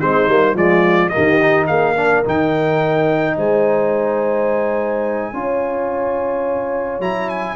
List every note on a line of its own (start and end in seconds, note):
0.00 0.28 G#3
0.00 0.28 C4
0.00 0.56 D#4
0.00 0.56 C5
0.28 0.54 G3
0.28 0.55 A#3
0.54 1.10 F3
0.54 1.11 G#3
0.54 1.12 F4
0.54 1.09 D5
1.09 1.40 A#3
1.09 1.67 G4
1.09 1.65 D#5
1.17 1.69 D#3
1.41 1.96 D#4
1.67 2.25 A#3
1.67 1.95 G#4
1.67 2.23 F5
1.95 2.24 D4
1.95 3.36 A#4
2.25 3.37 D#3
2.25 5.33 D#4
2.25 3.37 G5
3.37 5.33 G#3
3.37 5.33 C5
3.37 7.02 G#5
5.33 7.00 C#4
5.33 7.00 F4
5.33 7.55 C#5
7.00 7.55 F#3
7.00 7.55 E4
7.00 7.29 A#5
7.29 7.55 G#5